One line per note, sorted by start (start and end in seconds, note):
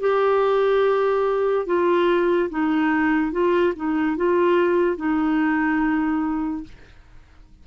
0.00 1.66 G4
1.66 2.49 F4
2.50 3.31 D#4
3.31 3.73 F4
3.75 4.17 D#4
4.17 4.97 F4
4.97 6.63 D#4